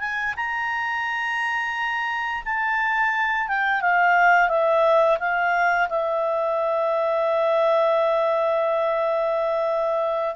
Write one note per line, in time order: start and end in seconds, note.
0.00 0.34 G#5
0.36 2.43 A#5
2.45 3.48 A5
3.48 3.82 G5
3.82 4.49 F5
4.49 5.18 E5
5.19 5.88 F5
5.89 10.36 E5